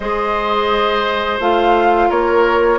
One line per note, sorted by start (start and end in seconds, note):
0.00 1.39 G#3
0.00 1.40 G#4
0.00 2.08 C5
0.00 1.39 D#5
1.40 2.09 A3
1.40 2.78 F4
1.40 2.10 F5
2.08 2.78 A#3
2.08 2.78 A#4
2.08 2.78 C#5